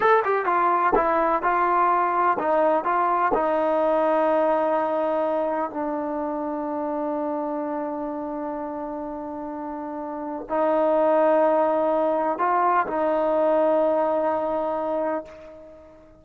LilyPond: \new Staff \with { instrumentName = "trombone" } { \time 4/4 \tempo 4 = 126 a'8 g'8 f'4 e'4 f'4~ | f'4 dis'4 f'4 dis'4~ | dis'1 | d'1~ |
d'1~ | d'2 dis'2~ | dis'2 f'4 dis'4~ | dis'1 | }